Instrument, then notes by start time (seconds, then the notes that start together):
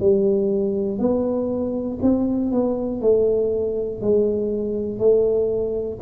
tuba
0.00 G3
0.98 B3
2.01 C4
2.51 B3
3.00 A3
4.00 G#3
4.98 A3